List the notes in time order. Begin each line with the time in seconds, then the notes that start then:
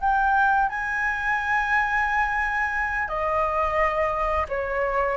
0.00 G5
0.69 G#5
3.08 D#5
4.48 C#5